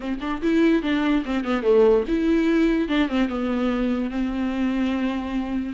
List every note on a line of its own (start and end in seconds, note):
0.00 0.18 C4
0.21 0.41 D4
0.42 0.82 E4
0.82 1.23 D4
1.25 1.44 C4
1.44 1.63 B3
1.63 2.04 A3
2.08 2.88 E4
2.88 3.08 D4
3.08 3.29 C4
3.29 4.10 B3
4.10 5.73 C4